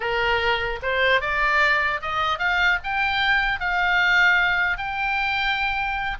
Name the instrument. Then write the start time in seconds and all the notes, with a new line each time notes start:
oboe
0.00 A#4
0.82 C5
1.20 D5
2.01 D#5
2.39 F5
2.83 G5
3.59 F5
4.77 G5